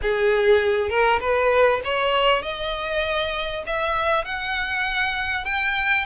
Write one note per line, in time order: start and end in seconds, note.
0.02 0.89 G#4
0.89 1.19 A#4
1.20 1.80 B4
1.84 2.42 C#5
2.42 3.63 D#5
3.66 4.25 E5
4.25 5.45 F#5
5.45 6.05 G5